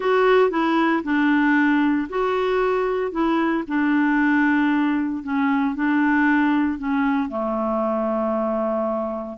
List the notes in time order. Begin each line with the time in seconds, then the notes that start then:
0.00 F#4
0.50 E4
1.03 D4
2.09 F#4
3.11 E4
3.67 D4
5.23 C#4
5.75 D4
6.78 C#4
7.28 A3